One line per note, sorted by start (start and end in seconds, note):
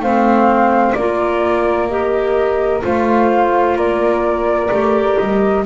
0.00 0.94 A3
0.00 0.97 C4
0.00 0.97 C5
0.00 0.94 F5
0.94 2.83 A#3
0.94 1.90 F4
0.94 2.85 A#4
0.94 1.88 D5
1.88 2.82 G4
1.88 2.82 D#5
2.82 3.76 A3
2.82 4.70 F4
2.82 3.77 C5
2.82 3.79 F5
3.76 4.70 A#3
3.76 5.64 A#4
3.76 5.18 D5
4.71 5.18 A3
4.71 5.65 G4
5.18 5.66 G3
5.18 5.65 D#5